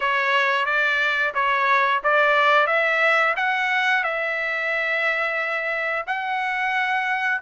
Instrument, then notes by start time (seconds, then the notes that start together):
trumpet
0.00 C#5
0.65 D5
1.34 C#5
2.03 D5
2.67 E5
3.36 F#5
4.03 E5
6.06 F#5